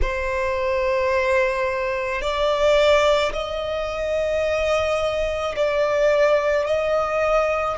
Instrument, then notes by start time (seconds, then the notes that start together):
violin
0.02 C5
2.21 D5
3.32 D#5
5.56 D5
6.66 D#5